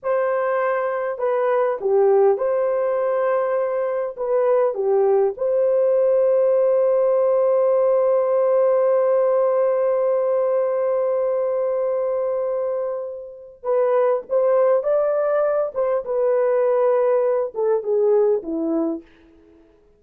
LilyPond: \new Staff \with { instrumentName = "horn" } { \time 4/4 \tempo 4 = 101 c''2 b'4 g'4 | c''2. b'4 | g'4 c''2.~ | c''1~ |
c''1~ | c''2. b'4 | c''4 d''4. c''8 b'4~ | b'4. a'8 gis'4 e'4 | }